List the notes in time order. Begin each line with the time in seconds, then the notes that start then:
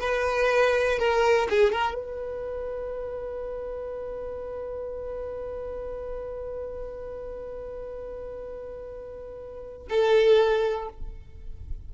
0.00 B4
0.98 A#4
1.50 G#4
1.72 A#4
1.95 B4
9.90 A4